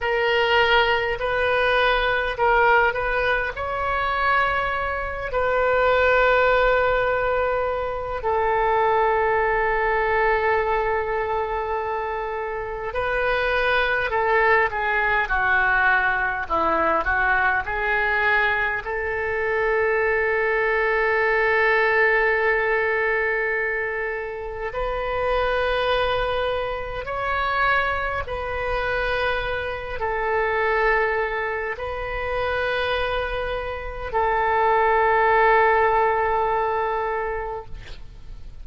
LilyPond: \new Staff \with { instrumentName = "oboe" } { \time 4/4 \tempo 4 = 51 ais'4 b'4 ais'8 b'8 cis''4~ | cis''8 b'2~ b'8 a'4~ | a'2. b'4 | a'8 gis'8 fis'4 e'8 fis'8 gis'4 |
a'1~ | a'4 b'2 cis''4 | b'4. a'4. b'4~ | b'4 a'2. | }